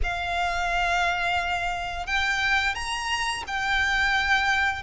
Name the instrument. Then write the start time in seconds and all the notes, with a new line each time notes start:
violin
0.03 F5
2.06 G5
2.74 A#5
3.47 G5